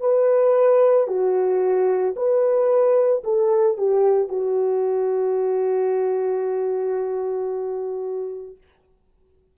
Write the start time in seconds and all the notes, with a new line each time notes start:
0.00 B4
1.07 F#4
2.16 B4
3.23 A4
3.77 G4
4.29 F#4